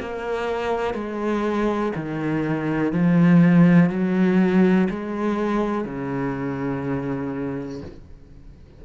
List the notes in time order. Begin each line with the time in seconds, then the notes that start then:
0.00 A#3
0.94 G#3
1.96 D#3
2.93 F3
3.90 F#3
4.90 G#3
5.85 C#3